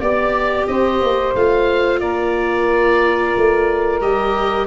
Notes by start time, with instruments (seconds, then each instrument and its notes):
0.00 tuba B3, viola G4, saxophone D5, oboe D5
0.67 tuba C4, saxophone C5, oboe D#5
1.01 tuba A#3
1.35 tuba A3, viola F4, oboe F5
2.00 tuba A#3, saxophone A#4, oboe D5
3.37 tuba A3
4.01 tuba G3, viola G4, oboe D#5